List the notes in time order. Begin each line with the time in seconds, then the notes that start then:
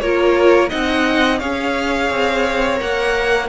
0.00 A#3 F4 A#4 C#5
0.69 C4 D#4 D#5 F#5
1.39 C#4 G#4 C#5 F5
2.10 C4
2.76 A#3 A#4 F#5